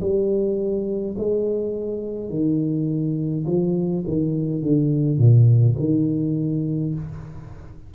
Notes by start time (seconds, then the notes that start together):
0.00 G3
1.18 G#3
2.29 D#3
3.46 F3
4.07 D#3
4.62 D3
5.18 A#2
5.78 D#3